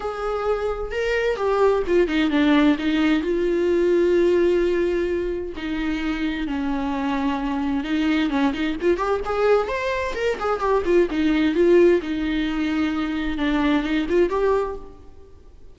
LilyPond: \new Staff \with { instrumentName = "viola" } { \time 4/4 \tempo 4 = 130 gis'2 ais'4 g'4 | f'8 dis'8 d'4 dis'4 f'4~ | f'1 | dis'2 cis'2~ |
cis'4 dis'4 cis'8 dis'8 f'8 g'8 | gis'4 c''4 ais'8 gis'8 g'8 f'8 | dis'4 f'4 dis'2~ | dis'4 d'4 dis'8 f'8 g'4 | }